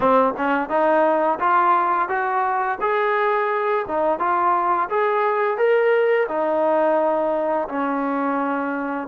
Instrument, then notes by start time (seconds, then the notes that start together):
trombone
0.00 C4
0.37 C#4
0.69 D#4
1.40 F4
2.08 F#4
2.81 G#4
3.88 D#4
4.19 F4
4.89 G#4
5.57 A#4
6.28 D#4
7.68 C#4